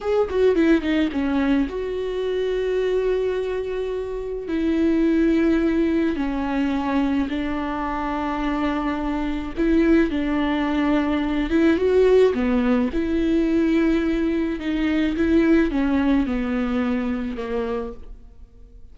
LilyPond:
\new Staff \with { instrumentName = "viola" } { \time 4/4 \tempo 4 = 107 gis'8 fis'8 e'8 dis'8 cis'4 fis'4~ | fis'1 | e'2. cis'4~ | cis'4 d'2.~ |
d'4 e'4 d'2~ | d'8 e'8 fis'4 b4 e'4~ | e'2 dis'4 e'4 | cis'4 b2 ais4 | }